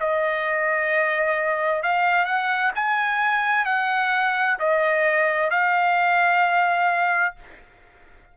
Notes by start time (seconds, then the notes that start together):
0.00 D#5
1.83 F5
2.25 F#5
2.75 G#5
3.65 F#5
4.59 D#5
5.50 F5